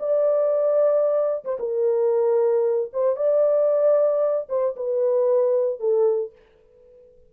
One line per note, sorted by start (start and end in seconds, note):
0.00 1.45 D5
1.45 1.58 C5
1.60 2.91 A#4
2.93 3.17 C5
3.17 4.48 D5
4.49 4.76 C5
4.77 5.80 B4
5.80 6.33 A4